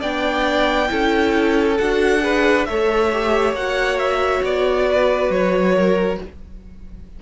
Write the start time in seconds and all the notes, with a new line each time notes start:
0.00 B3 D4 D5 G5
0.87 C#4 E4 A4
1.78 D4 F#4 F#5
2.20 G#4 B4
2.65 A3 A4 C#5 E5
3.12 G4
3.53 A#3 F#4 F#5
3.98 E5
4.43 B3 D5
4.90 B4
5.29 F#3 C#5
5.76 A#4